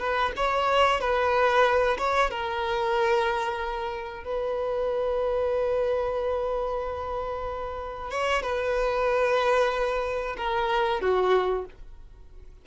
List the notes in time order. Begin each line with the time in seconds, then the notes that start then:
0.00 B4
0.37 C#5
1.01 B4
1.99 C#5
2.31 A#4
4.24 B4
8.11 C#5
8.43 B4
10.38 A#4
11.01 F#4